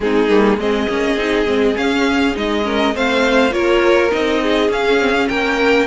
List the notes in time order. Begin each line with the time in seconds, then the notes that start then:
0.00 G#3 C4 D#4 G#4
0.29 G3 A#3
0.57 G#3 C4 G#4 D#5
0.88 A#3 C#4
1.15 C4 D#4
1.46 G#3 C4
1.75 C#4 F5
2.34 G#3 D#4 D#5
2.63 C#4 A#4
2.93 A3 C4 C5 F5
3.50 A#3 F4 A#4 C#5
4.11 C4 D#4 D#5
4.42 G#4
4.69 C#4 F5
5.00 C4
5.14 C#4
5.28 A#3 A#4 G5